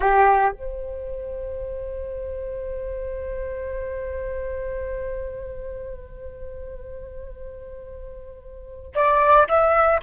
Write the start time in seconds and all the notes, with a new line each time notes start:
0.00 G4
0.51 C5
8.95 D5
9.48 E5